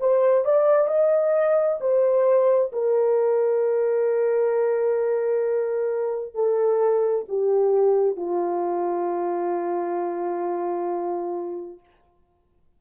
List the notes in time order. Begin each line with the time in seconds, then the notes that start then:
0.00 C5
0.45 D5
0.88 D#5
1.81 C5
2.73 A#4
6.35 A4
7.29 G4
8.17 F4